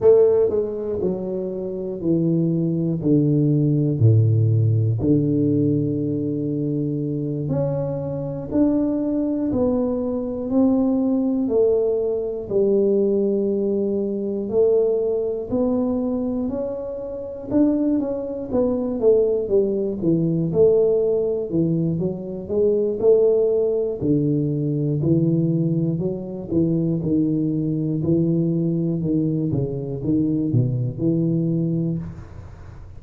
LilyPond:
\new Staff \with { instrumentName = "tuba" } { \time 4/4 \tempo 4 = 60 a8 gis8 fis4 e4 d4 | a,4 d2~ d8 cis'8~ | cis'8 d'4 b4 c'4 a8~ | a8 g2 a4 b8~ |
b8 cis'4 d'8 cis'8 b8 a8 g8 | e8 a4 e8 fis8 gis8 a4 | d4 e4 fis8 e8 dis4 | e4 dis8 cis8 dis8 b,8 e4 | }